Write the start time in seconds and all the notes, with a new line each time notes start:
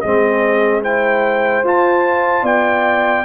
0.00 G#3 C4 G#4 D#5
0.81 E4 C5 G5
1.63 F4 A5
2.42 B3 D5 G5